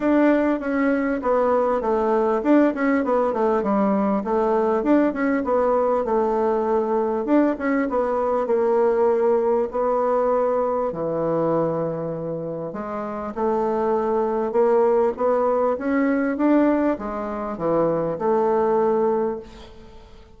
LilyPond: \new Staff \with { instrumentName = "bassoon" } { \time 4/4 \tempo 4 = 99 d'4 cis'4 b4 a4 | d'8 cis'8 b8 a8 g4 a4 | d'8 cis'8 b4 a2 | d'8 cis'8 b4 ais2 |
b2 e2~ | e4 gis4 a2 | ais4 b4 cis'4 d'4 | gis4 e4 a2 | }